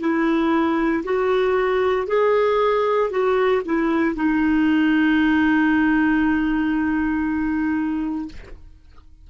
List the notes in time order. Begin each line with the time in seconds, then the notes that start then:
0.00 E4
1.04 F#4
2.07 G#4
3.10 F#4
3.65 E4
4.15 D#4